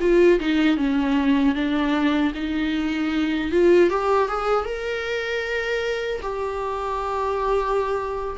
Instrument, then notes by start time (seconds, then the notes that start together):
viola
0.00 F4
0.39 D#4
0.77 C#4
1.54 D4
2.34 D#4
3.51 F4
3.90 G4
4.28 G#4
4.65 A#4
6.22 G4